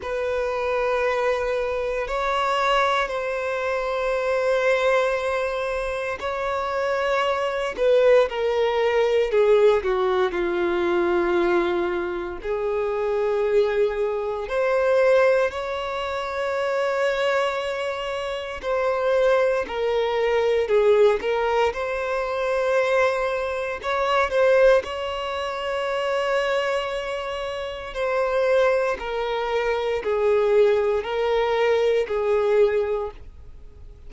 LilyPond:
\new Staff \with { instrumentName = "violin" } { \time 4/4 \tempo 4 = 58 b'2 cis''4 c''4~ | c''2 cis''4. b'8 | ais'4 gis'8 fis'8 f'2 | gis'2 c''4 cis''4~ |
cis''2 c''4 ais'4 | gis'8 ais'8 c''2 cis''8 c''8 | cis''2. c''4 | ais'4 gis'4 ais'4 gis'4 | }